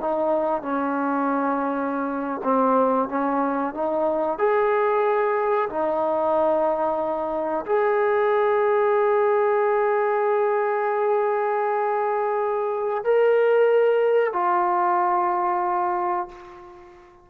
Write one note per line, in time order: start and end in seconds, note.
0.00 0.61 D#4
0.61 2.41 C#4
2.43 3.08 C4
3.08 3.74 C#4
3.74 4.38 D#4
4.38 5.69 G#4
5.69 7.65 D#4
7.65 13.03 G#4
13.03 14.32 A#4
14.32 16.28 F4